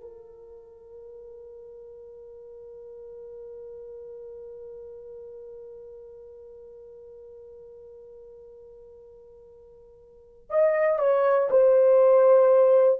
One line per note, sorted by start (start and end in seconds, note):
0.00 10.50 A#4
10.50 10.99 D#5
10.99 11.49 C#5
11.50 13.00 C5